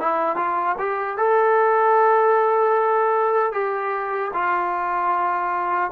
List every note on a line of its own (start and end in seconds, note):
0.00 0.36 E4
0.36 0.75 F4
0.79 1.18 G4
1.18 3.52 A4
3.52 4.31 G4
4.33 5.91 F4